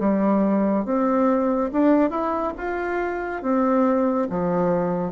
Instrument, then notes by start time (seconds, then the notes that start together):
bassoon
0.00 G3
0.85 C4
1.72 D4
2.10 E4
2.58 F4
3.42 C4
4.30 F3